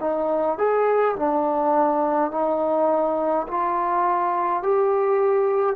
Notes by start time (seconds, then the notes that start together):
0.00 D#4
0.58 G#4
1.16 D4
2.31 D#4
3.47 F4
4.63 G4